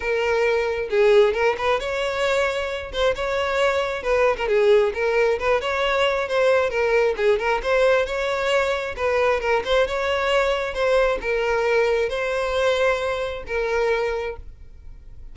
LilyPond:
\new Staff \with { instrumentName = "violin" } { \time 4/4 \tempo 4 = 134 ais'2 gis'4 ais'8 b'8 | cis''2~ cis''8 c''8 cis''4~ | cis''4 b'8. ais'16 gis'4 ais'4 | b'8 cis''4. c''4 ais'4 |
gis'8 ais'8 c''4 cis''2 | b'4 ais'8 c''8 cis''2 | c''4 ais'2 c''4~ | c''2 ais'2 | }